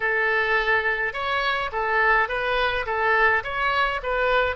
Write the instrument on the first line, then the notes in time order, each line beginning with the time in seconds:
oboe
0.00 A4
1.13 C#5
1.72 A4
2.28 B4
2.85 A4
3.43 C#5
4.03 B4